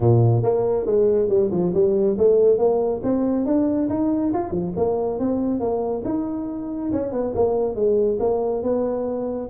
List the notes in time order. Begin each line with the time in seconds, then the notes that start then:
0.00 A#2
0.42 A#3
0.86 G#3
1.28 G3
1.51 F3
1.73 G3
2.18 A3
2.58 A#3
3.03 C4
3.45 D4
3.89 D#4
4.33 F4
4.50 F3
4.76 A#3
5.19 C4
5.60 A#3
6.05 D#4
6.92 C#4
7.11 B3
7.35 A#3
7.75 G#3
8.19 A#3
8.63 B3